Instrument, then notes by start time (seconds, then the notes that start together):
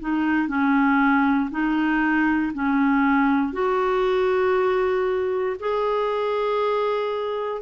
clarinet
0.00 D#4
0.48 C#4
1.51 D#4
2.53 C#4
3.53 F#4
5.60 G#4